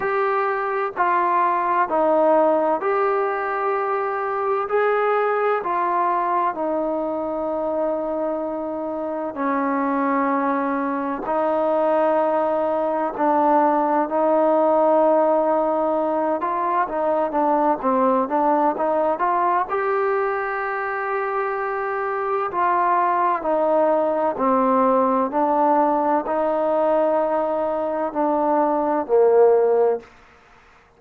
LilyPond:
\new Staff \with { instrumentName = "trombone" } { \time 4/4 \tempo 4 = 64 g'4 f'4 dis'4 g'4~ | g'4 gis'4 f'4 dis'4~ | dis'2 cis'2 | dis'2 d'4 dis'4~ |
dis'4. f'8 dis'8 d'8 c'8 d'8 | dis'8 f'8 g'2. | f'4 dis'4 c'4 d'4 | dis'2 d'4 ais4 | }